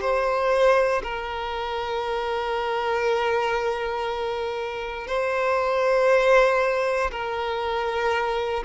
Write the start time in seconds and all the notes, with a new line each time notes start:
0.00 C5
1.03 A#4
5.07 C5
7.11 A#4